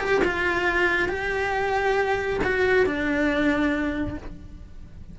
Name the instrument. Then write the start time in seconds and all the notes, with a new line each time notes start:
cello
0.00 G4
0.24 F4
1.09 G4
2.44 F#4
2.86 D4